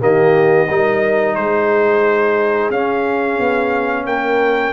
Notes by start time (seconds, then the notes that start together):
0.00 D#3 A#3 G4 D#5
0.68 G3 D#4 A#4
1.35 G#3 G#4 C5
2.70 C#4 F5
3.39 B3
4.05 A#3 A#4 G5